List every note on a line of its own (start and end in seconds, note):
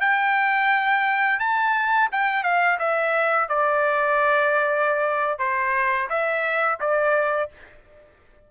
0.00 1.39 G5
1.39 2.09 A5
2.12 2.43 G5
2.43 2.78 F5
2.79 3.49 E5
3.49 5.38 D5
5.38 6.08 C5
6.09 6.79 E5
6.80 7.50 D5